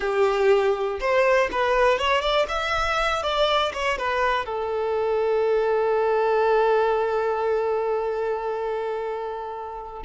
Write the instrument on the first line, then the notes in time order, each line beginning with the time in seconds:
violin
0.00 G4
1.00 C5
1.51 B4
1.98 C#5
2.21 D5
2.48 E5
3.22 D5
3.73 C#5
3.98 B4
4.45 A4